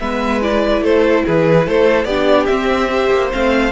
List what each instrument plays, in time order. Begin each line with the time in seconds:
0.00 cello G#3, viola B3, violin B4 E5
0.43 viola E4, violin D5
0.82 cello A3, violin A4 C5
1.26 cello E3, violin G#4 B4
1.67 cello A3, violin A4 C5
2.05 cello B3, viola D4, violin G4 D5
2.47 cello C4, viola C4, violin E5
2.89 viola G4, violin C5
3.12 cello A#3
3.32 cello A3, viola C4, violin F5